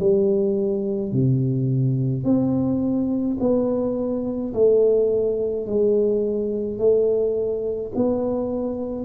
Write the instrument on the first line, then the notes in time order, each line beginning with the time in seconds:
tuba
0.00 G3
1.12 C3
2.24 C4
3.40 B3
4.54 A3
5.67 G#3
6.78 A3
7.95 B3